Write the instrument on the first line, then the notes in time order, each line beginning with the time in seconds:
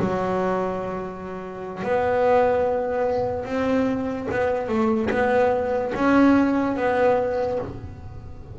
double bass
0.00 F#3
1.83 B3
3.46 C4
4.32 B3
4.69 A3
5.11 B3
5.95 C#4
6.77 B3